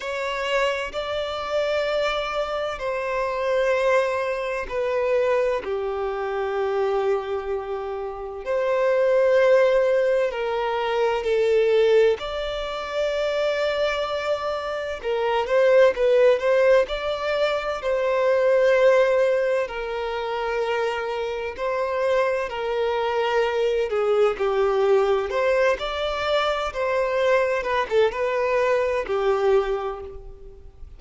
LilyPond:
\new Staff \with { instrumentName = "violin" } { \time 4/4 \tempo 4 = 64 cis''4 d''2 c''4~ | c''4 b'4 g'2~ | g'4 c''2 ais'4 | a'4 d''2. |
ais'8 c''8 b'8 c''8 d''4 c''4~ | c''4 ais'2 c''4 | ais'4. gis'8 g'4 c''8 d''8~ | d''8 c''4 b'16 a'16 b'4 g'4 | }